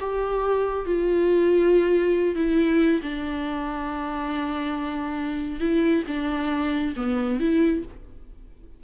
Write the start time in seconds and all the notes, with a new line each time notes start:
0.00 G4
0.86 F4
2.36 E4
3.03 D4
5.60 E4
6.08 D4
6.97 B3
7.40 E4